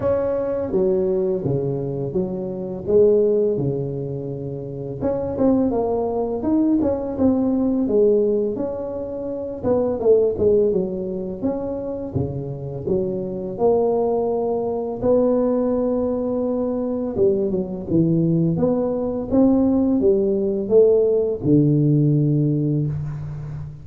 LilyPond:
\new Staff \with { instrumentName = "tuba" } { \time 4/4 \tempo 4 = 84 cis'4 fis4 cis4 fis4 | gis4 cis2 cis'8 c'8 | ais4 dis'8 cis'8 c'4 gis4 | cis'4. b8 a8 gis8 fis4 |
cis'4 cis4 fis4 ais4~ | ais4 b2. | g8 fis8 e4 b4 c'4 | g4 a4 d2 | }